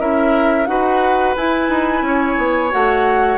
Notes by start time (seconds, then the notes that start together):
0.00 C#4 E4 A#4 E5
0.66 D#4 F#4 B4 F#5
1.37 E4 G#5
1.69 D#4
2.02 C#4 C#5
2.38 B3
2.71 A3 F#4 F#5